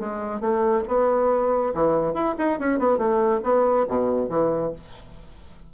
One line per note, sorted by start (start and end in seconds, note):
0.00 0.41 G#3
0.41 0.84 A3
0.88 1.74 B3
1.75 2.14 E3
2.14 2.36 E4
2.39 2.60 D#4
2.60 2.80 C#4
2.80 2.98 B3
2.98 3.41 A3
3.44 3.87 B3
3.89 4.30 B2
4.30 4.73 E3